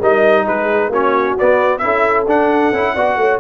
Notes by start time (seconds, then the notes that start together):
0.00 G3 D#4 A#4 D#5
0.47 G#3 G#4 B4
0.89 A#3 C#4 F#4 C#5
1.39 B3 D5
1.79 C#4 E4 A4 E5
2.27 D4 F#5
2.73 C#4 E4
2.94 B3 F#4 D5
3.16 A3 C#5